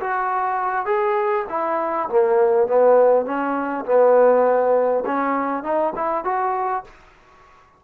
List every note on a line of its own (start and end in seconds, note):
0.00 0.86 F#4
0.86 1.45 G#4
1.49 2.09 E4
2.09 2.67 A#3
2.67 3.26 B3
3.26 3.85 C#4
3.85 5.04 B3
5.06 5.63 C#4
5.63 5.93 D#4
5.96 6.25 E4
6.25 6.84 F#4